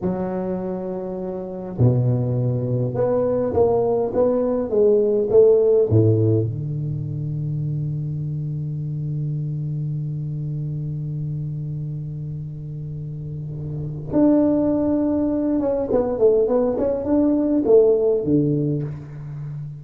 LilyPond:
\new Staff \with { instrumentName = "tuba" } { \time 4/4 \tempo 4 = 102 fis2. b,4~ | b,4 b4 ais4 b4 | gis4 a4 a,4 d4~ | d1~ |
d1~ | d1 | d'2~ d'8 cis'8 b8 a8 | b8 cis'8 d'4 a4 d4 | }